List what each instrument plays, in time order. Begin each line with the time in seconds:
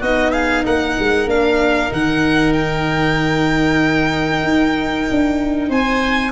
0.00 tuba B3, viola D#4, oboe F#4, violin D#5
0.32 oboe G#4, violin F5
0.65 tuba A#3, oboe A#4, violin F#5
0.99 tuba G#3
1.26 tuba A#3, viola D4, violin F5
1.90 tuba D#3, viola D#4, violin F#5
2.53 violin G5
4.44 tuba D#4
5.11 tuba D4
5.69 tuba C4, oboe C5, violin G#5